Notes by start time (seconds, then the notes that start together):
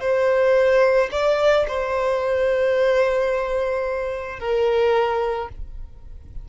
0.00 C5
1.11 D5
1.68 C5
4.39 A#4